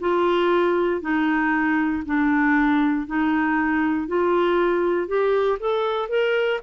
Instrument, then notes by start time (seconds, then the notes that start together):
clarinet
0.00 F4
1.02 D#4
2.06 D4
3.07 D#4
4.08 F4
5.08 G4
5.60 A4
6.09 A#4